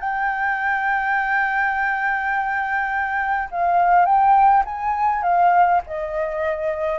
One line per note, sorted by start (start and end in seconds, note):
0.00 3.50 G5
3.51 4.06 F5
4.06 4.64 G5
4.65 5.23 G#5
5.23 5.81 F5
5.87 6.99 D#5